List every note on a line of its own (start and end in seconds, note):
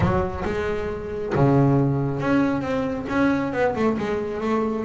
0.00 0.43 F#3
0.45 1.33 G#3
1.35 2.20 C#3
2.20 2.61 C#4
2.61 3.05 C4
3.09 3.53 C#4
3.53 3.75 B3
3.75 3.97 A3
3.98 4.40 G#3
4.40 4.84 A3